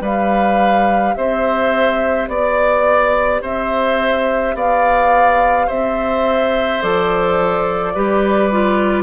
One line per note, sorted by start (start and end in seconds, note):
0.00 1.13 G3
0.00 6.79 G4
0.00 1.14 B4
0.00 1.14 F5
1.14 2.28 C4
1.14 2.29 C5
1.14 2.27 E5
2.28 3.41 B3
2.28 3.41 D5
2.28 3.42 D5
3.41 4.54 C4
3.41 4.55 C5
3.41 4.55 E5
4.54 5.67 B3
4.54 5.66 D5
4.54 5.69 F5
5.66 6.83 C4
5.66 7.92 C5
5.66 6.82 E5
6.81 7.95 F3
6.81 7.94 A4
6.81 9.03 D5
7.94 9.03 G3
7.94 8.51 G4
7.94 9.03 B4
8.51 9.03 F4